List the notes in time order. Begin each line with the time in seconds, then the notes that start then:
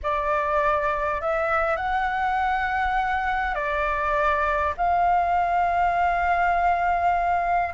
0.02 D5
1.21 E5
1.76 F#5
3.54 D5
4.77 F5